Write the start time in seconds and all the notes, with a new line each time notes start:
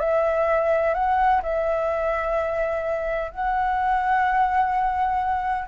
0.00 E5
0.94 F#5
1.43 E5
3.32 F#5